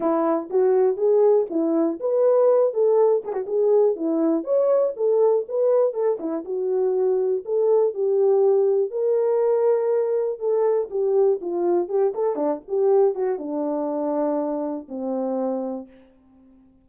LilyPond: \new Staff \with { instrumentName = "horn" } { \time 4/4 \tempo 4 = 121 e'4 fis'4 gis'4 e'4 | b'4. a'4 gis'16 fis'16 gis'4 | e'4 cis''4 a'4 b'4 | a'8 e'8 fis'2 a'4 |
g'2 ais'2~ | ais'4 a'4 g'4 f'4 | g'8 a'8 d'8 g'4 fis'8 d'4~ | d'2 c'2 | }